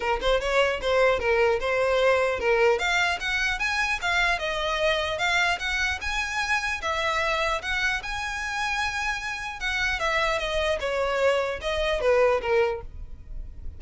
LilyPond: \new Staff \with { instrumentName = "violin" } { \time 4/4 \tempo 4 = 150 ais'8 c''8 cis''4 c''4 ais'4 | c''2 ais'4 f''4 | fis''4 gis''4 f''4 dis''4~ | dis''4 f''4 fis''4 gis''4~ |
gis''4 e''2 fis''4 | gis''1 | fis''4 e''4 dis''4 cis''4~ | cis''4 dis''4 b'4 ais'4 | }